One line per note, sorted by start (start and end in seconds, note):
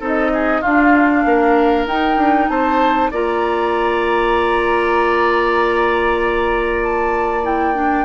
0.00 0.62 C4
0.00 0.63 D#4
0.00 0.31 A4
0.07 0.62 D#5
0.34 0.61 G#4
0.61 1.25 D4
0.61 1.89 D4
0.61 1.23 F4
0.61 1.86 F5
1.25 1.86 A#3
1.25 2.51 A#4
1.86 2.17 D#4
1.86 3.13 D#4
1.86 2.49 G5
2.18 2.48 D4
2.49 3.11 C4
2.49 3.11 C5
2.49 3.11 A5
3.11 8.05 A#3
3.11 7.44 F4
3.11 8.05 D5
3.11 6.84 A#5
6.84 7.46 A5
7.44 7.75 E4
7.44 8.05 G5
7.75 8.05 D4